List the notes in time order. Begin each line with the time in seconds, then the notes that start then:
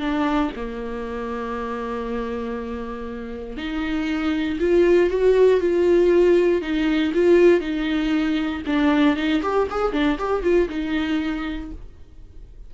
0.00 D4
0.56 A#3
3.57 D#4
4.60 F4
5.11 F#4
5.61 F4
6.62 D#4
7.14 F4
7.61 D#4
8.67 D4
9.16 D#4
9.43 G4
9.71 G#4
9.93 D4
10.19 G4
10.43 F4
10.70 D#4